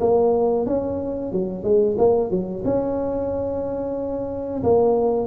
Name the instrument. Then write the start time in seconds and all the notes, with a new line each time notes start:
tuba
0.00 A#3
0.66 C#4
1.32 F#3
1.64 G#3
1.98 A#3
2.31 F#3
2.65 C#4
4.64 A#3